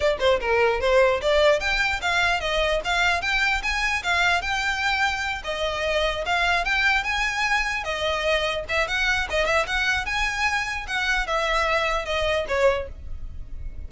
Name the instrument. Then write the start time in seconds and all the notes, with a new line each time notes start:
violin
0.00 D5
0.19 C5
0.40 A#4
0.80 C5
1.21 D5
1.60 G5
2.01 F5
2.40 D#5
2.84 F5
3.21 G5
3.62 G#5
4.03 F5
4.41 G5
5.44 D#5
6.25 F5
6.64 G5
7.03 G#5
7.84 D#5
8.69 E5
8.87 F#5
9.29 D#5
9.45 E5
9.66 F#5
10.05 G#5
10.87 F#5
11.26 E5
12.05 D#5
12.48 C#5